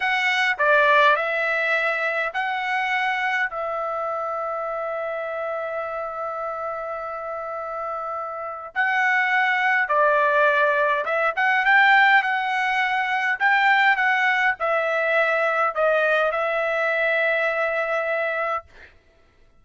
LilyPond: \new Staff \with { instrumentName = "trumpet" } { \time 4/4 \tempo 4 = 103 fis''4 d''4 e''2 | fis''2 e''2~ | e''1~ | e''2. fis''4~ |
fis''4 d''2 e''8 fis''8 | g''4 fis''2 g''4 | fis''4 e''2 dis''4 | e''1 | }